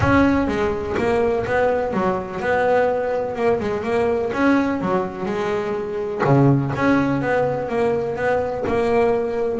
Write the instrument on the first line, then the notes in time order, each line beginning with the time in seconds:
double bass
0.00 C#4
0.47 G#3
0.97 A#3
1.45 B3
1.93 F#3
2.40 B3
3.35 A#3
3.60 G#3
3.83 A#3
4.33 C#4
4.81 F#3
5.25 G#3
6.24 C#3
6.75 C#4
7.21 B3
7.68 A#3
8.16 B3
8.67 A#3